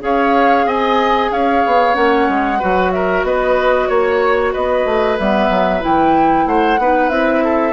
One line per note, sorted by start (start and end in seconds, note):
0.00 0.66 C#4
0.00 1.94 G#4
0.00 0.66 C#5
0.00 0.68 F5
0.66 1.30 C4
0.66 1.31 D#5
0.66 1.32 G#5
1.31 1.63 C#4
1.31 2.59 C#5
1.31 1.95 F5
1.66 1.96 B3
1.94 2.28 A#3
1.94 2.58 C#4
1.94 2.92 F#5
2.29 2.61 G#3
2.59 3.23 F#3
2.59 5.18 F#4
2.59 2.91 B4
2.92 3.26 A#4
2.92 3.24 E5
3.23 3.88 B3
3.23 3.89 B4
3.23 3.88 D#5
3.88 4.54 A#3
3.88 4.53 C#5
4.53 4.85 B3
4.53 6.46 B4
4.53 5.18 D#5
4.85 5.18 A3
5.18 5.49 G3
5.18 5.80 B3
5.18 5.83 E5
5.49 5.82 F#3
5.80 6.46 E3
5.80 6.77 E4
5.80 6.47 G5
6.46 6.78 A3
6.46 6.80 C5
6.46 7.09 F#5
6.78 7.09 B3
6.78 7.11 D#4
6.78 7.44 B4
7.09 7.73 C4
7.09 7.73 E4
7.09 7.73 E5
7.44 7.73 A4